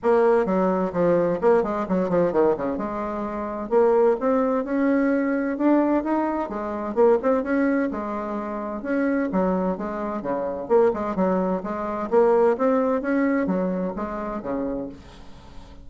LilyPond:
\new Staff \with { instrumentName = "bassoon" } { \time 4/4 \tempo 4 = 129 ais4 fis4 f4 ais8 gis8 | fis8 f8 dis8 cis8 gis2 | ais4 c'4 cis'2 | d'4 dis'4 gis4 ais8 c'8 |
cis'4 gis2 cis'4 | fis4 gis4 cis4 ais8 gis8 | fis4 gis4 ais4 c'4 | cis'4 fis4 gis4 cis4 | }